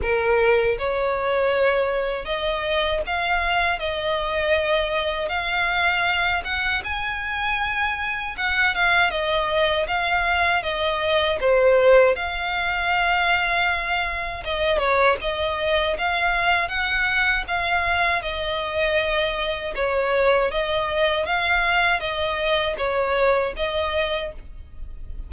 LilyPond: \new Staff \with { instrumentName = "violin" } { \time 4/4 \tempo 4 = 79 ais'4 cis''2 dis''4 | f''4 dis''2 f''4~ | f''8 fis''8 gis''2 fis''8 f''8 | dis''4 f''4 dis''4 c''4 |
f''2. dis''8 cis''8 | dis''4 f''4 fis''4 f''4 | dis''2 cis''4 dis''4 | f''4 dis''4 cis''4 dis''4 | }